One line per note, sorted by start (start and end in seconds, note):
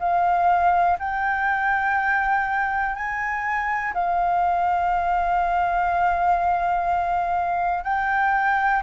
0.00 0.98 F5
0.99 2.96 G5
2.96 3.94 G#5
3.94 7.85 F5
7.85 8.83 G5